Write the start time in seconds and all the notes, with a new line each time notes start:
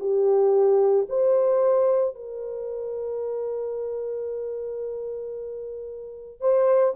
0.00 G4
1.09 C5
2.15 A#4
6.40 C5